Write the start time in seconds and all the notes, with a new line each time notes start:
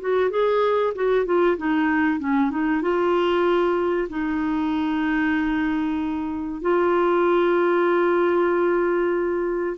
0.00 F#4
0.30 G#4
0.95 F#4
1.25 F4
1.57 D#4
2.19 C#4
2.50 D#4
2.81 F4
4.09 D#4
6.61 F4